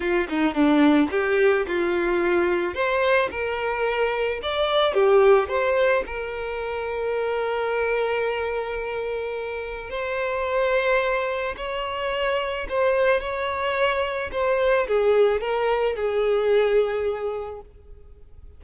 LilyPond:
\new Staff \with { instrumentName = "violin" } { \time 4/4 \tempo 4 = 109 f'8 dis'8 d'4 g'4 f'4~ | f'4 c''4 ais'2 | d''4 g'4 c''4 ais'4~ | ais'1~ |
ais'2 c''2~ | c''4 cis''2 c''4 | cis''2 c''4 gis'4 | ais'4 gis'2. | }